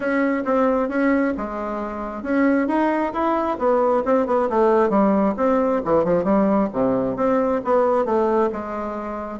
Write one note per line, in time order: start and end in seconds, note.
0.00 0.43 C#4
0.44 0.89 C4
0.89 1.33 C#4
1.37 2.23 G#3
2.23 2.67 C#4
2.67 3.12 D#4
3.13 3.57 E4
3.58 4.03 B3
4.05 4.26 C4
4.26 4.48 B3
4.49 4.89 A3
4.89 5.34 G3
5.36 5.81 C4
5.84 6.04 E3
6.04 6.23 F3
6.23 6.68 G3
6.72 7.16 C3
7.16 7.61 C4
7.64 8.05 B3
8.05 8.50 A3
8.52 9.39 G#3